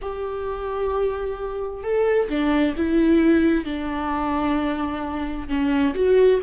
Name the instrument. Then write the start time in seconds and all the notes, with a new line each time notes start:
viola
0.01 G4
1.83 A4
2.29 D4
2.76 E4
3.64 D4
5.48 C#4
5.94 F#4